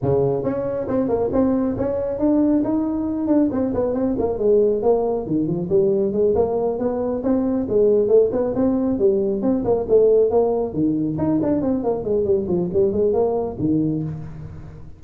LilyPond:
\new Staff \with { instrumentName = "tuba" } { \time 4/4 \tempo 4 = 137 cis4 cis'4 c'8 ais8 c'4 | cis'4 d'4 dis'4. d'8 | c'8 b8 c'8 ais8 gis4 ais4 | dis8 f8 g4 gis8 ais4 b8~ |
b8 c'4 gis4 a8 b8 c'8~ | c'8 g4 c'8 ais8 a4 ais8~ | ais8 dis4 dis'8 d'8 c'8 ais8 gis8 | g8 f8 g8 gis8 ais4 dis4 | }